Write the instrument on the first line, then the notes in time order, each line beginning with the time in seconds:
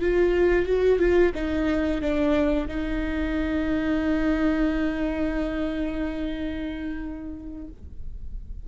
viola
0.00 F4
0.65 F#4
0.98 F4
1.35 D#4
2.01 D4
2.68 D#4